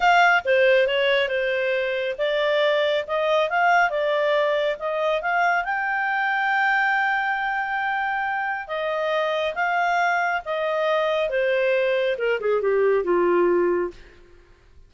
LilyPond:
\new Staff \with { instrumentName = "clarinet" } { \time 4/4 \tempo 4 = 138 f''4 c''4 cis''4 c''4~ | c''4 d''2 dis''4 | f''4 d''2 dis''4 | f''4 g''2.~ |
g''1 | dis''2 f''2 | dis''2 c''2 | ais'8 gis'8 g'4 f'2 | }